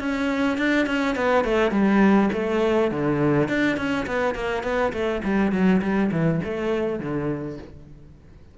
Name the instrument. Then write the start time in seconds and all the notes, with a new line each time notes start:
cello
0.00 C#4
0.58 D4
0.87 C#4
1.16 B3
1.45 A3
1.71 G3
2.33 A3
2.92 D3
3.49 D4
3.77 C#4
4.07 B3
4.35 A#3
4.64 B3
4.93 A3
5.25 G3
5.52 F#3
5.82 G3
6.12 E3
6.44 A3
7.00 D3